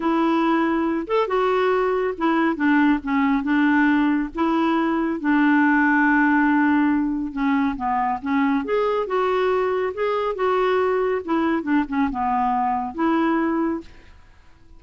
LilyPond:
\new Staff \with { instrumentName = "clarinet" } { \time 4/4 \tempo 4 = 139 e'2~ e'8 a'8 fis'4~ | fis'4 e'4 d'4 cis'4 | d'2 e'2 | d'1~ |
d'4 cis'4 b4 cis'4 | gis'4 fis'2 gis'4 | fis'2 e'4 d'8 cis'8 | b2 e'2 | }